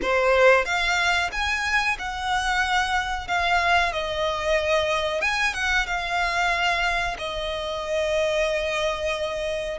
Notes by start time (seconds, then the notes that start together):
0.02 C5
0.65 F5
1.32 G#5
1.98 F#5
3.27 F5
3.92 D#5
5.21 G#5
5.53 F#5
5.86 F5
7.18 D#5